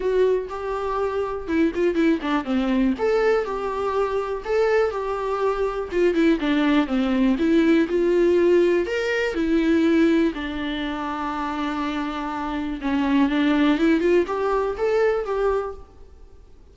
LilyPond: \new Staff \with { instrumentName = "viola" } { \time 4/4 \tempo 4 = 122 fis'4 g'2 e'8 f'8 | e'8 d'8 c'4 a'4 g'4~ | g'4 a'4 g'2 | f'8 e'8 d'4 c'4 e'4 |
f'2 ais'4 e'4~ | e'4 d'2.~ | d'2 cis'4 d'4 | e'8 f'8 g'4 a'4 g'4 | }